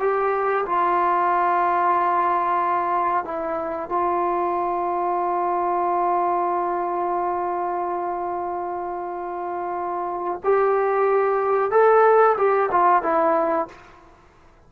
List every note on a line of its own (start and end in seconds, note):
0.00 0.65 G4
0.66 3.25 F4
3.25 3.89 E4
3.89 10.41 F4
10.44 11.71 G4
11.71 12.36 A4
12.38 12.70 G4
12.72 13.03 F4
13.03 13.68 E4